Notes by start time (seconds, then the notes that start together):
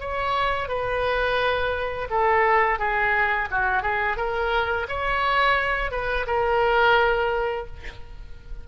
0.00 C#5
0.69 B4
2.10 A4
2.79 G#4
3.51 F#4
3.83 G#4
4.17 A#4
4.88 C#5
5.91 B4
6.27 A#4